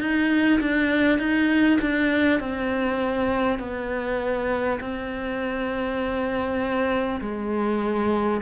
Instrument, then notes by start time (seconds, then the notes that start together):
cello
0.00 D#4
0.60 D4
1.18 D#4
1.81 D4
2.39 C4
3.59 B3
4.80 C4
7.20 G#3